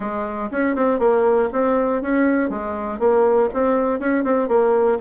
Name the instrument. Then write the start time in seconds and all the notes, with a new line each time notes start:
bassoon
0.00 G#3
0.51 C#4
0.75 C4
0.99 A#3
1.52 C4
2.01 C#4
2.49 G#3
2.99 A#3
3.53 C4
3.99 C#4
4.24 C4
4.48 A#3